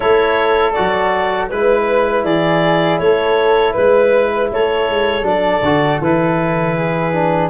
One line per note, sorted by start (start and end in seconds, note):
0.00 0.77 A3
0.00 0.74 E4
0.00 1.49 A4
0.00 0.72 C#5
0.72 1.51 F#3
0.72 1.50 F#4
0.72 1.47 D5
1.49 2.24 G#3
1.49 5.22 E4
1.49 2.24 B4
1.49 2.25 B4
2.24 2.99 E3
2.24 3.00 G#4
2.24 2.98 D5
2.98 3.74 A3
2.98 3.72 A4
2.98 3.73 C#5
3.72 4.51 G#3
3.72 4.47 B4
3.72 4.49 B4
4.52 4.89 A3
4.52 6.76 A4
4.52 5.25 C#5
4.89 5.22 G#3
5.22 5.59 F#3
5.22 5.60 D4
5.22 6.00 D5
5.62 5.99 D3
5.62 6.02 F#4
6.00 7.49 E3
6.00 7.13 E4
6.00 7.49 B4
6.76 7.49 G#4
7.13 7.49 D4